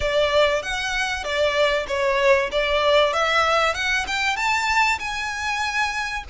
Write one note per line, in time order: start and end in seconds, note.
0.00 0.62 D5
0.62 1.23 F#5
1.23 1.86 D5
1.87 2.50 C#5
2.51 3.13 D5
3.13 3.74 E5
3.74 4.05 F#5
4.07 4.36 G5
4.36 4.98 A5
4.99 6.24 G#5